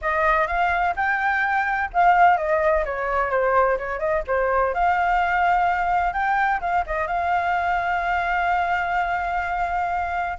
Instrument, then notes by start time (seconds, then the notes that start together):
flute
0.01 D#5
0.47 F5
0.96 G5
1.93 F5
2.37 D#5
2.85 C#5
3.30 C5
3.78 C#5
3.99 D#5
4.27 C5
4.74 F5
6.13 G5
6.60 F5
6.86 D#5
7.07 F5